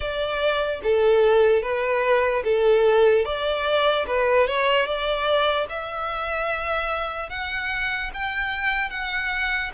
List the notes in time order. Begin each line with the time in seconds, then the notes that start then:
0.00 D5
0.83 A4
1.62 B4
2.44 A4
3.25 D5
4.07 B4
4.47 C#5
4.85 D5
5.69 E5
7.29 F#5
8.13 G5
8.90 F#5